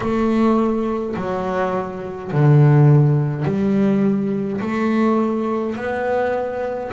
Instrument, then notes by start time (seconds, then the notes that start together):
double bass
0.00 A3
1.15 F#3
2.31 D3
3.45 G3
4.60 A3
5.75 B3